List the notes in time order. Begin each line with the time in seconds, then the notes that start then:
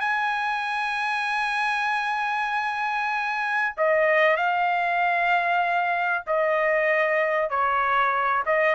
0.00 G#5
3.77 D#5
4.36 F5
6.26 D#5
7.49 C#5
8.45 D#5